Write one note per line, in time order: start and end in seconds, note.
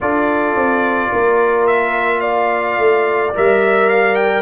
0.00 0.55 D4
0.00 3.34 F4
0.00 1.11 A4
0.00 1.66 D5
0.55 1.10 C4
1.12 2.78 A#3
1.12 2.20 A#4
1.66 2.20 E5
2.20 4.42 D5
2.20 3.31 F5
2.78 3.33 A3
3.34 4.42 G3
3.34 4.42 A#4
3.34 3.89 E5
3.89 4.15 F5
4.15 4.42 G5